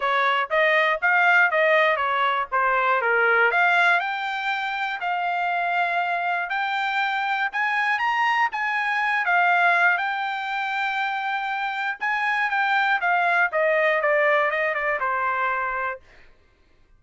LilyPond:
\new Staff \with { instrumentName = "trumpet" } { \time 4/4 \tempo 4 = 120 cis''4 dis''4 f''4 dis''4 | cis''4 c''4 ais'4 f''4 | g''2 f''2~ | f''4 g''2 gis''4 |
ais''4 gis''4. f''4. | g''1 | gis''4 g''4 f''4 dis''4 | d''4 dis''8 d''8 c''2 | }